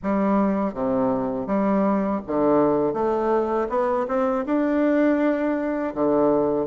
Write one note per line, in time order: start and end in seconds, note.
0.02 0.74 G3
0.74 1.46 C3
1.46 2.21 G3
2.27 2.93 D3
2.93 3.67 A3
3.69 4.06 B3
4.07 4.44 C4
4.45 5.94 D4
5.94 6.66 D3